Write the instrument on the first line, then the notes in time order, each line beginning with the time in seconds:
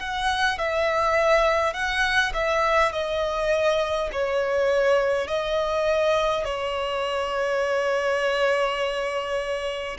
violin
0.00 F#5
0.59 E5
1.74 F#5
2.34 E5
2.93 D#5
4.12 C#5
5.28 D#5
6.45 C#5